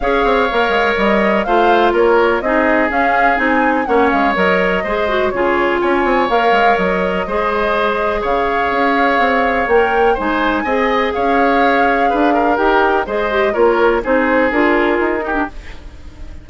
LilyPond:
<<
  \new Staff \with { instrumentName = "flute" } { \time 4/4 \tempo 4 = 124 f''2 dis''4 f''4 | cis''4 dis''4 f''4 gis''4 | fis''8 f''8 dis''2 cis''4 | gis''4 f''4 dis''2~ |
dis''4 f''2. | g''4 gis''2 f''4~ | f''2 g''4 dis''4 | cis''4 c''4 ais'2 | }
  \new Staff \with { instrumentName = "oboe" } { \time 4/4 cis''2. c''4 | ais'4 gis'2. | cis''2 c''4 gis'4 | cis''2. c''4~ |
c''4 cis''2.~ | cis''4 c''4 dis''4 cis''4~ | cis''4 b'8 ais'4. c''4 | ais'4 gis'2~ gis'8 g'8 | }
  \new Staff \with { instrumentName = "clarinet" } { \time 4/4 gis'4 ais'2 f'4~ | f'4 dis'4 cis'4 dis'4 | cis'4 ais'4 gis'8 fis'8 f'4~ | f'4 ais'2 gis'4~ |
gis'1 | ais'4 dis'4 gis'2~ | gis'2 g'4 gis'8 g'8 | f'4 dis'4 f'4. dis'16 d'16 | }
  \new Staff \with { instrumentName = "bassoon" } { \time 4/4 cis'8 c'8 ais8 gis8 g4 a4 | ais4 c'4 cis'4 c'4 | ais8 gis8 fis4 gis4 cis4 | cis'8 c'8 ais8 gis8 fis4 gis4~ |
gis4 cis4 cis'4 c'4 | ais4 gis4 c'4 cis'4~ | cis'4 d'4 dis'4 gis4 | ais4 c'4 d'4 dis'4 | }
>>